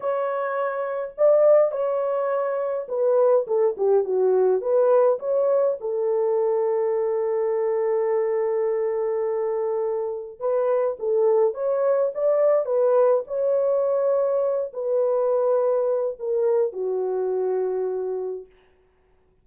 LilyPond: \new Staff \with { instrumentName = "horn" } { \time 4/4 \tempo 4 = 104 cis''2 d''4 cis''4~ | cis''4 b'4 a'8 g'8 fis'4 | b'4 cis''4 a'2~ | a'1~ |
a'2 b'4 a'4 | cis''4 d''4 b'4 cis''4~ | cis''4. b'2~ b'8 | ais'4 fis'2. | }